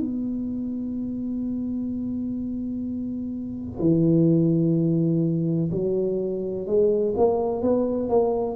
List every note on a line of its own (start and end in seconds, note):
0.00 3.80 B3
3.80 5.70 E3
5.71 6.67 F#3
6.67 7.14 G#3
7.17 7.62 A#3
7.62 8.09 B3
8.09 8.56 A#3